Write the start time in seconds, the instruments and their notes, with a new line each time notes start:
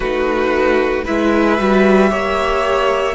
0.00 cello A3, viola D#4, violin F#4 B4
1.04 cello G#3, viola E4, violin B4 E5
1.58 cello G3, viola F#4
2.09 cello A#3, viola G4, violin C#5